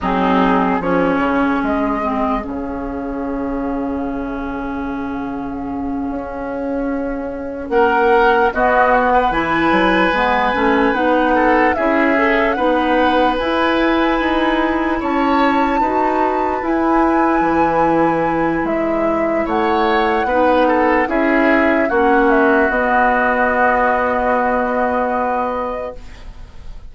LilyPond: <<
  \new Staff \with { instrumentName = "flute" } { \time 4/4 \tempo 4 = 74 gis'4 cis''4 dis''4 f''4~ | f''1~ | f''4. fis''4 dis''8 fis''8 gis''8~ | gis''4. fis''4 e''4 fis''8~ |
fis''8 gis''2 a''4.~ | a''8 gis''2~ gis''8 e''4 | fis''2 e''4 fis''8 e''8 | dis''1 | }
  \new Staff \with { instrumentName = "oboe" } { \time 4/4 dis'4 gis'2.~ | gis'1~ | gis'4. ais'4 fis'8. b'8.~ | b'2 a'8 gis'4 b'8~ |
b'2~ b'8 cis''4 b'8~ | b'1 | cis''4 b'8 a'8 gis'4 fis'4~ | fis'1 | }
  \new Staff \with { instrumentName = "clarinet" } { \time 4/4 c'4 cis'4. c'8 cis'4~ | cis'1~ | cis'2~ cis'8 b4 e'8~ | e'8 b8 cis'8 dis'4 e'8 a'8 dis'8~ |
dis'8 e'2. fis'8~ | fis'8 e'2.~ e'8~ | e'4 dis'4 e'4 cis'4 | b1 | }
  \new Staff \with { instrumentName = "bassoon" } { \time 4/4 fis4 f8 cis8 gis4 cis4~ | cis2.~ cis8 cis'8~ | cis'4. ais4 b4 e8 | fis8 gis8 a8 b4 cis'4 b8~ |
b8 e'4 dis'4 cis'4 dis'8~ | dis'8 e'4 e4. gis4 | a4 b4 cis'4 ais4 | b1 | }
>>